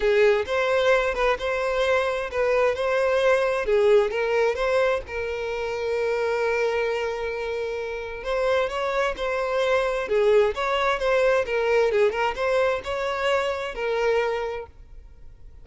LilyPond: \new Staff \with { instrumentName = "violin" } { \time 4/4 \tempo 4 = 131 gis'4 c''4. b'8 c''4~ | c''4 b'4 c''2 | gis'4 ais'4 c''4 ais'4~ | ais'1~ |
ais'2 c''4 cis''4 | c''2 gis'4 cis''4 | c''4 ais'4 gis'8 ais'8 c''4 | cis''2 ais'2 | }